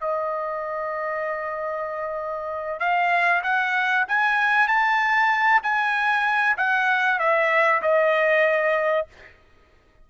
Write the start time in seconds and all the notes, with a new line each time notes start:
0.00 D#5
2.80 F5
3.43 F#5
4.08 G#5
4.67 A5
5.62 G#5
6.57 F#5
7.19 E5
7.82 D#5